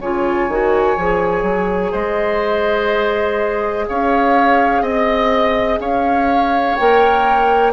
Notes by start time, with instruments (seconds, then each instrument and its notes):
0.00 bassoon C#3, clarinet F4, oboe C#5, flute G#5
0.48 bassoon D#3, clarinet F#4
0.97 bassoon F3, clarinet G#4
1.42 bassoon F#3
1.91 bassoon G#3, oboe C5, flute D#5
3.87 bassoon C#4, oboe C#5, flute F5
4.81 bassoon C4, oboe D#5, flute D#5
5.78 bassoon C#4, oboe C#5, flute F5
6.76 bassoon A#3, clarinet A#4, flute G5